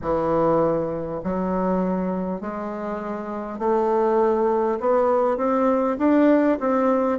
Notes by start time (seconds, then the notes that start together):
0.01 E3
1.23 F#3
2.40 G#3
3.58 A3
4.80 B3
5.37 C4
5.98 D4
6.60 C4